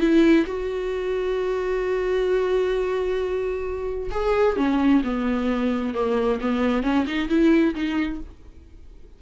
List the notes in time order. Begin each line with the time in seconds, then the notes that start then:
0.00 E4
0.47 F#4
4.11 G#4
4.57 C#4
5.04 B3
5.94 A#3
6.41 B3
6.83 C#4
7.07 D#4
7.29 E4
7.75 D#4